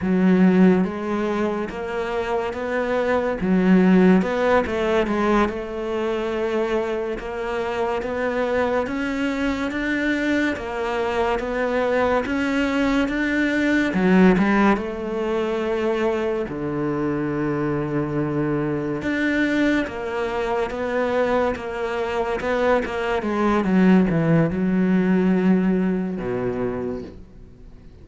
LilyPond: \new Staff \with { instrumentName = "cello" } { \time 4/4 \tempo 4 = 71 fis4 gis4 ais4 b4 | fis4 b8 a8 gis8 a4.~ | a8 ais4 b4 cis'4 d'8~ | d'8 ais4 b4 cis'4 d'8~ |
d'8 fis8 g8 a2 d8~ | d2~ d8 d'4 ais8~ | ais8 b4 ais4 b8 ais8 gis8 | fis8 e8 fis2 b,4 | }